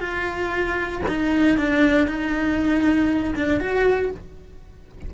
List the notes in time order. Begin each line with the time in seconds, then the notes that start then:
0.00 F4
1.08 D#4
1.57 D4
2.07 D#4
3.35 D4
3.60 F#4